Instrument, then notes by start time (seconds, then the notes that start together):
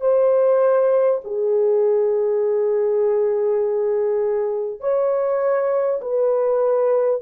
horn
0.00 C5
1.24 G#4
4.80 C#5
6.01 B4